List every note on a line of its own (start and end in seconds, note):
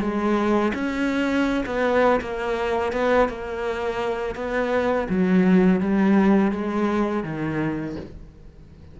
0.00 0.72 G#3
0.74 1.64 C#4
1.66 2.20 B3
2.21 2.92 A#3
2.92 3.29 B3
3.29 4.35 A#3
4.35 5.07 B3
5.09 5.80 F#3
5.80 6.51 G3
6.51 7.23 G#3
7.23 7.96 D#3